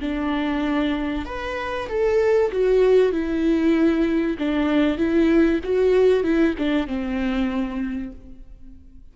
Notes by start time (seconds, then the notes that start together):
0.00 D4
1.25 B4
1.88 A4
2.51 F#4
3.12 E4
4.38 D4
4.97 E4
5.63 F#4
6.23 E4
6.58 D4
6.87 C4